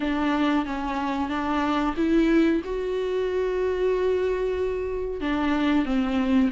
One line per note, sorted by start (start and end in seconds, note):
0.00 0.65 D4
0.65 1.29 C#4
1.29 1.94 D4
1.96 2.61 E4
2.64 5.21 F#4
5.21 5.85 D4
5.85 6.50 C4